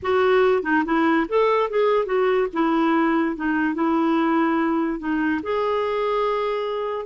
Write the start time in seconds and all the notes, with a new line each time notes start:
0.02 F#4
0.62 D#4
0.85 E4
1.28 A4
1.70 G#4
2.05 F#4
2.53 E4
3.36 D#4
3.74 E4
4.99 D#4
5.43 G#4